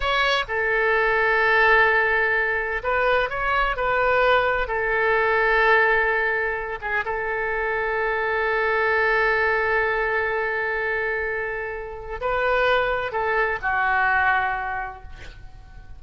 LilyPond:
\new Staff \with { instrumentName = "oboe" } { \time 4/4 \tempo 4 = 128 cis''4 a'2.~ | a'2 b'4 cis''4 | b'2 a'2~ | a'2~ a'8 gis'8 a'4~ |
a'1~ | a'1~ | a'2 b'2 | a'4 fis'2. | }